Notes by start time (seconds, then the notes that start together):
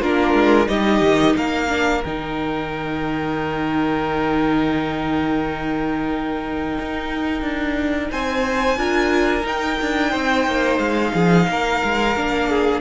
0.00 A#3 D4 F4 A#4
0.34 G#3
0.66 G3 D#4 G4 D#5
1.01 D#3
1.36 A#3 A#4 F5
1.68 D4
2.04 D#3 D#4 G5
6.79 D#4
7.42 D4
8.11 C4 C5 G#5
8.76 D4 F4 A#4
9.41 D#4 G5
9.81 D4
10.10 C4 C5
10.47 A#3
10.78 G#3 F5
11.13 F3 G#4
11.48 A#3 A#4
11.84 G#3
12.16 A#3 D4
12.48 G#4